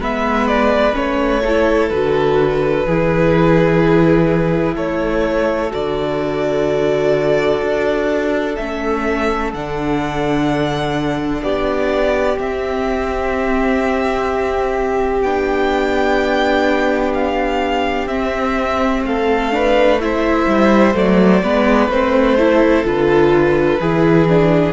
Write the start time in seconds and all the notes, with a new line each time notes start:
0.00 G#3 B3 B4 E5
0.48 D5
0.94 A3 C#4 C#5
1.45 E4 A4
1.89 D3 F#4 B4
2.86 E3 E4 G#4
4.76 A3 A4 C#5
5.70 D3 F#4 D5
7.62 D4
8.56 A3 C#4 E5
9.54 D3 D4 F#5
11.42 B3 G4 D5
12.39 C4 E5
15.22 B3 D4 G5
17.15 F5
18.07 C4 E5
19.03 A3 A4 F5
19.52 D4 B4
20.01 E4 C5 E5
20.48 G3
20.95 F#3 A3 D5
21.44 G#3 B3 B4
21.89 A3 C4 C5
22.38 E4 A4
22.85 D3 F4 B4
23.81 E3 E4 G#4
24.29 D4